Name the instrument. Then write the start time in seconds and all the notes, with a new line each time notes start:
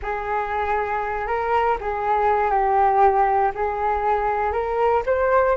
flute
0.02 G#4
1.27 A#4
1.80 G#4
2.50 G4
3.54 G#4
4.52 A#4
5.06 C5